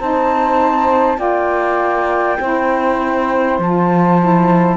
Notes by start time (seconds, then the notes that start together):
0.00 C4 D#4 C5 A5
1.17 A#3 F4 D5 G5
2.40 C4 E4 C5
3.58 F3 F4 A5
4.21 E4